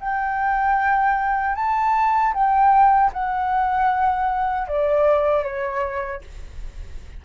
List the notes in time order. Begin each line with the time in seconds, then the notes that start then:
0.00 G5
1.56 A5
2.34 G5
3.13 F#5
4.68 D5
5.44 C#5